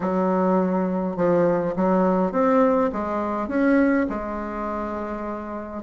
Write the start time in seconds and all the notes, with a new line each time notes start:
0.00 F#3
1.16 F3
1.76 F#3
2.32 C4
2.92 G#3
3.48 C#4
4.09 G#3